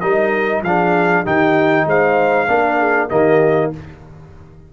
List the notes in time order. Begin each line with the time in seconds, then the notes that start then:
0.00 G3 D#4 A#4 D#5
0.62 F3 D4 G#4 F5
1.25 D#3 D#4 G4 G5
1.85 G#3 C5 F5
2.48 A#3 D4 A#4
2.79 G#4
3.09 D#3 A#3 G4 D#5